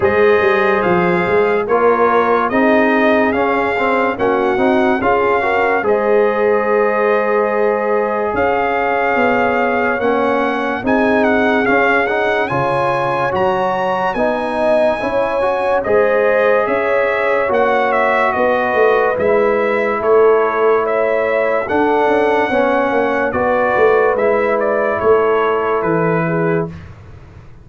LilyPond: <<
  \new Staff \with { instrumentName = "trumpet" } { \time 4/4 \tempo 4 = 72 dis''4 f''4 cis''4 dis''4 | f''4 fis''4 f''4 dis''4~ | dis''2 f''2 | fis''4 gis''8 fis''8 f''8 fis''8 gis''4 |
ais''4 gis''2 dis''4 | e''4 fis''8 e''8 dis''4 e''4 | cis''4 e''4 fis''2 | d''4 e''8 d''8 cis''4 b'4 | }
  \new Staff \with { instrumentName = "horn" } { \time 4/4 c''2 ais'4 gis'4~ | gis'4 fis'4 gis'8 ais'8 c''4~ | c''2 cis''2~ | cis''4 gis'2 cis''4~ |
cis''4 dis''4 cis''4 c''4 | cis''2 b'2 | a'4 cis''4 a'4 cis''4 | b'2 a'4. gis'8 | }
  \new Staff \with { instrumentName = "trombone" } { \time 4/4 gis'2 f'4 dis'4 | cis'8 c'8 cis'8 dis'8 f'8 fis'8 gis'4~ | gis'1 | cis'4 dis'4 cis'8 dis'8 f'4 |
fis'4 dis'4 e'8 fis'8 gis'4~ | gis'4 fis'2 e'4~ | e'2 d'4 cis'4 | fis'4 e'2. | }
  \new Staff \with { instrumentName = "tuba" } { \time 4/4 gis8 g8 f8 gis8 ais4 c'4 | cis'4 ais8 c'8 cis'4 gis4~ | gis2 cis'4 b4 | ais4 c'4 cis'4 cis4 |
fis4 b4 cis'4 gis4 | cis'4 ais4 b8 a8 gis4 | a2 d'8 cis'8 b8 ais8 | b8 a8 gis4 a4 e4 | }
>>